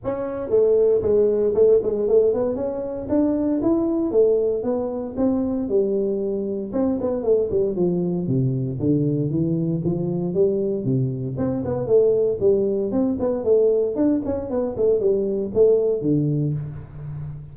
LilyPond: \new Staff \with { instrumentName = "tuba" } { \time 4/4 \tempo 4 = 116 cis'4 a4 gis4 a8 gis8 | a8 b8 cis'4 d'4 e'4 | a4 b4 c'4 g4~ | g4 c'8 b8 a8 g8 f4 |
c4 d4 e4 f4 | g4 c4 c'8 b8 a4 | g4 c'8 b8 a4 d'8 cis'8 | b8 a8 g4 a4 d4 | }